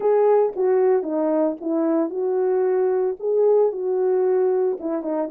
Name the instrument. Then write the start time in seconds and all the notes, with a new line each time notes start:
horn
0.00 G#4
0.56 F#4
1.02 D#4
1.60 E4
2.09 F#4
3.19 G#4
3.71 F#4
4.79 E4
5.02 D#4